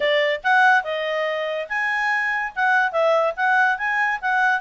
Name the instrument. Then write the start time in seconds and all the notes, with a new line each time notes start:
clarinet
0.00 D5
0.43 F#5
0.83 D#5
1.68 G#5
2.55 F#5
2.91 E5
3.36 F#5
3.77 G#5
4.21 F#5